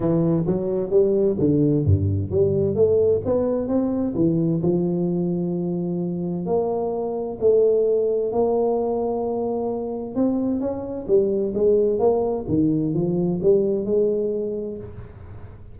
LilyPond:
\new Staff \with { instrumentName = "tuba" } { \time 4/4 \tempo 4 = 130 e4 fis4 g4 d4 | g,4 g4 a4 b4 | c'4 e4 f2~ | f2 ais2 |
a2 ais2~ | ais2 c'4 cis'4 | g4 gis4 ais4 dis4 | f4 g4 gis2 | }